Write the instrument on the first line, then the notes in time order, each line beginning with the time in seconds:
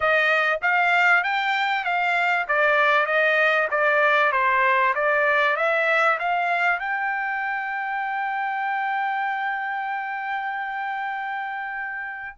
trumpet
0.00 D#5
0.62 F5
1.23 G5
1.84 F5
2.47 D5
3.06 D#5
3.70 D5
4.32 C5
4.95 D5
5.56 E5
6.19 F5
6.79 G5